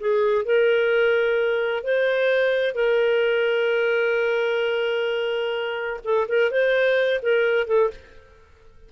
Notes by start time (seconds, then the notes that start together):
0.00 G#4
0.45 A#4
1.84 C5
2.75 A#4
6.04 A4
6.28 A#4
6.51 C5
7.22 A#4
7.67 A4